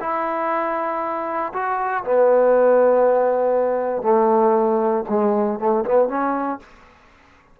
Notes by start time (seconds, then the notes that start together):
0.00 E4
1.53 F#4
2.04 B3
4.02 A3
5.09 G#3
5.59 A3
5.85 B3
6.09 C#4